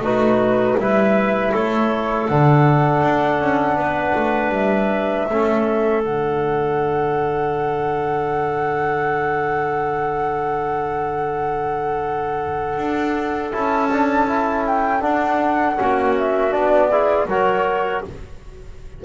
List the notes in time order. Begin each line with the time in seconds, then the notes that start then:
0.00 A3 D#4 F#4 B4
0.78 G3 E4 B4 E5
1.53 A3 A4 C#5
2.28 D3 D4 F#5
3.04 D4
3.40 C#4
3.76 B3 B4
4.15 A3
4.50 G3 E5
5.30 A3 C#4 A4
6.03 D3 D4 F#5
12.78 D4
13.52 C#4 E4 A5
13.92 D4
14.28 E4
14.67 G5
15.01 D4 F#5
15.77 A#3 C#4 F#4
16.18 E5
16.51 B3 D4 D5
16.90 E4 G#4
17.26 F#3 F#4 A#4 C#5